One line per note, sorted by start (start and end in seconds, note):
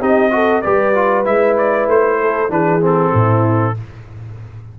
0.00 0.64 C4
0.00 0.31 D#4
0.00 0.31 G4
0.00 0.61 D#5
0.31 0.62 F#4
0.31 0.63 A4
0.61 1.27 G3
0.61 0.95 G4
0.61 2.20 B4
0.61 1.24 D5
0.95 1.25 F4
1.25 1.87 G#3
1.25 2.49 E4
1.25 1.57 E5
1.58 1.89 D5
1.87 2.49 A3
1.87 2.52 C5
2.21 2.52 A4
2.49 3.12 E3
2.49 2.80 D4
2.49 3.13 G#4
2.49 2.83 B4
2.81 3.75 C4
2.81 3.79 A4
3.13 3.76 A2
3.13 3.76 E4